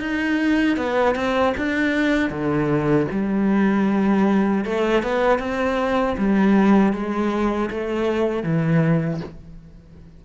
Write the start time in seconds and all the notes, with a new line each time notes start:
0.00 D#4
0.77 B3
1.15 C4
1.57 D4
2.30 D3
3.11 G3
4.64 A3
5.02 B3
5.39 C4
6.17 G3
6.93 G#3
7.70 A3
8.43 E3